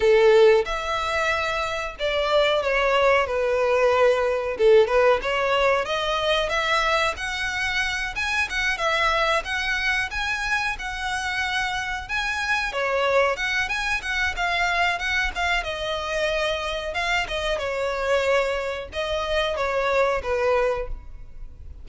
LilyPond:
\new Staff \with { instrumentName = "violin" } { \time 4/4 \tempo 4 = 92 a'4 e''2 d''4 | cis''4 b'2 a'8 b'8 | cis''4 dis''4 e''4 fis''4~ | fis''8 gis''8 fis''8 e''4 fis''4 gis''8~ |
gis''8 fis''2 gis''4 cis''8~ | cis''8 fis''8 gis''8 fis''8 f''4 fis''8 f''8 | dis''2 f''8 dis''8 cis''4~ | cis''4 dis''4 cis''4 b'4 | }